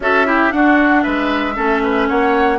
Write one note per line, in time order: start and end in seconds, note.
0.00 0.51 C#4
0.00 0.26 F#4
0.00 0.27 A4
0.00 0.52 E5
0.26 0.50 E4
0.26 0.53 G4
0.50 1.54 D4
0.50 1.05 D4
0.50 1.02 F#4
0.50 1.02 F#5
1.02 1.57 G#3
1.02 1.55 B4
1.02 2.07 E5
1.55 2.09 A3
1.55 2.58 C#4
1.55 1.82 A4
1.83 2.08 B4
2.08 2.58 A#3
2.08 2.58 C#5
2.08 2.58 F#5